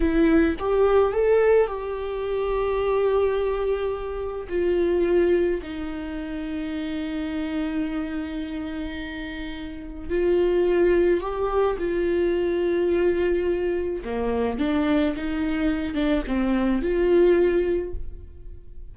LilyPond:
\new Staff \with { instrumentName = "viola" } { \time 4/4 \tempo 4 = 107 e'4 g'4 a'4 g'4~ | g'1 | f'2 dis'2~ | dis'1~ |
dis'2 f'2 | g'4 f'2.~ | f'4 ais4 d'4 dis'4~ | dis'8 d'8 c'4 f'2 | }